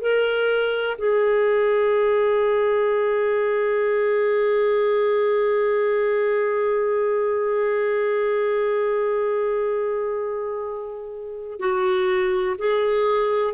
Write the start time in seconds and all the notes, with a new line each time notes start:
0.00 A#4
0.97 G#4
11.59 F#4
12.58 G#4